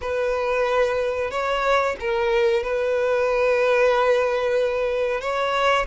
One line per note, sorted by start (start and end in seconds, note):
0.01 1.30 B4
1.30 1.96 C#5
2.00 2.63 A#4
2.63 5.20 B4
5.20 5.85 C#5